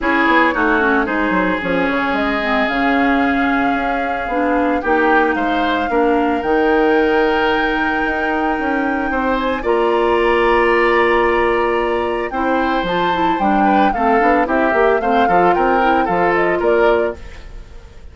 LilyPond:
<<
  \new Staff \with { instrumentName = "flute" } { \time 4/4 \tempo 4 = 112 cis''2 c''4 cis''4 | dis''4 f''2.~ | f''4 g''4 f''2 | g''1~ |
g''4. gis''8 ais''2~ | ais''2. g''4 | a''4 g''4 f''4 e''4 | f''4 g''4 f''8 dis''8 d''4 | }
  \new Staff \with { instrumentName = "oboe" } { \time 4/4 gis'4 fis'4 gis'2~ | gis'1~ | gis'4 g'4 c''4 ais'4~ | ais'1~ |
ais'4 c''4 d''2~ | d''2. c''4~ | c''4. b'8 a'4 g'4 | c''8 a'8 ais'4 a'4 ais'4 | }
  \new Staff \with { instrumentName = "clarinet" } { \time 4/4 e'4 dis'8 cis'8 dis'4 cis'4~ | cis'8 c'8 cis'2. | d'4 dis'2 d'4 | dis'1~ |
dis'2 f'2~ | f'2. e'4 | f'8 e'8 d'4 c'8 d'8 e'8 g'8 | c'8 f'4 e'8 f'2 | }
  \new Staff \with { instrumentName = "bassoon" } { \time 4/4 cis'8 b8 a4 gis8 fis8 f8 cis8 | gis4 cis2 cis'4 | b4 ais4 gis4 ais4 | dis2. dis'4 |
cis'4 c'4 ais2~ | ais2. c'4 | f4 g4 a8 b8 c'8 ais8 | a8 f8 c'4 f4 ais4 | }
>>